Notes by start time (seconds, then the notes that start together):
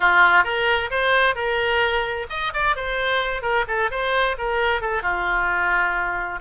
0.00 F4
0.44 A#4
0.90 C5
1.35 A#4
2.29 D#5
2.53 D5
2.75 C5
3.42 A#4
3.67 A4
3.90 C5
4.38 A#4
4.81 A4
5.02 F4